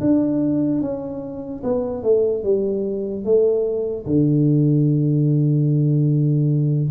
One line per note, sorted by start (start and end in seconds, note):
0.00 0.81 D4
0.81 1.62 C#4
1.63 2.03 B3
2.03 2.43 A3
2.43 3.24 G3
3.24 4.05 A3
4.05 6.89 D3